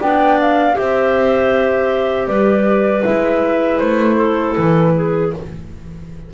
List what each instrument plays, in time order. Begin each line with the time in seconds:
0.00 double bass B3, clarinet D4 D5, flute G5
0.40 flute F5
0.74 double bass C4, clarinet G4 C5, flute E5
2.28 double bass G3, clarinet B4, flute D5
3.03 double bass G#3, clarinet E4, flute E5
3.79 double bass A3, flute C5
4.17 clarinet A4
4.56 double bass E3, flute B4
4.96 clarinet G#4